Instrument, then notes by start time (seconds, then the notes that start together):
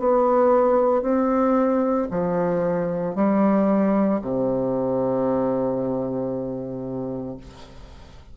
bassoon
0.00 B3
1.03 C4
2.11 F3
3.16 G3
4.22 C3